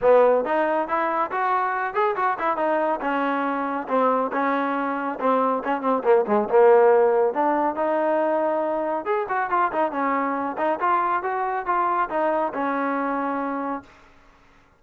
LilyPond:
\new Staff \with { instrumentName = "trombone" } { \time 4/4 \tempo 4 = 139 b4 dis'4 e'4 fis'4~ | fis'8 gis'8 fis'8 e'8 dis'4 cis'4~ | cis'4 c'4 cis'2 | c'4 cis'8 c'8 ais8 gis8 ais4~ |
ais4 d'4 dis'2~ | dis'4 gis'8 fis'8 f'8 dis'8 cis'4~ | cis'8 dis'8 f'4 fis'4 f'4 | dis'4 cis'2. | }